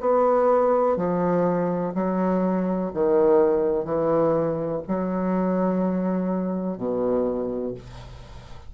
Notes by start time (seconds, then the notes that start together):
0.00 B3
0.96 F3
1.94 F#3
2.93 D#3
3.84 E3
4.87 F#3
6.77 B2